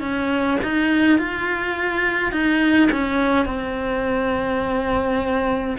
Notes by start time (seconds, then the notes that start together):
0.00 C#4
0.63 D#4
1.18 F4
2.32 D#4
2.91 C#4
3.45 C4